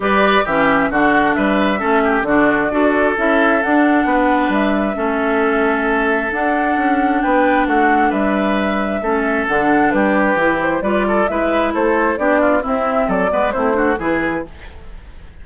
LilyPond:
<<
  \new Staff \with { instrumentName = "flute" } { \time 4/4 \tempo 4 = 133 d''4 e''4 fis''4 e''4~ | e''4 d''2 e''4 | fis''2 e''2~ | e''2 fis''2 |
g''4 fis''4 e''2~ | e''4 fis''4 b'4. c''8 | d''4 e''4 c''4 d''4 | e''4 d''4 c''4 b'4 | }
  \new Staff \with { instrumentName = "oboe" } { \time 4/4 b'4 g'4 fis'4 b'4 | a'8 g'8 fis'4 a'2~ | a'4 b'2 a'4~ | a'1 |
b'4 fis'4 b'2 | a'2 g'2 | b'8 a'8 b'4 a'4 g'8 f'8 | e'4 a'8 b'8 e'8 fis'8 gis'4 | }
  \new Staff \with { instrumentName = "clarinet" } { \time 4/4 g'4 cis'4 d'2 | cis'4 d'4 fis'4 e'4 | d'2. cis'4~ | cis'2 d'2~ |
d'1 | cis'4 d'2 e'4 | f'4 e'2 d'4 | c'4. b8 c'8 d'8 e'4 | }
  \new Staff \with { instrumentName = "bassoon" } { \time 4/4 g4 e4 d4 g4 | a4 d4 d'4 cis'4 | d'4 b4 g4 a4~ | a2 d'4 cis'4 |
b4 a4 g2 | a4 d4 g4 e4 | g4 gis4 a4 b4 | c'4 fis8 gis8 a4 e4 | }
>>